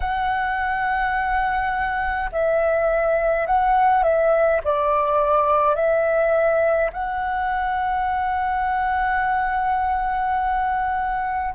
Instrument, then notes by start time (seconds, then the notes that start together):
flute
0.00 F#5
2.31 E5
3.46 F#5
4.03 E5
4.64 D5
5.75 E5
6.92 F#5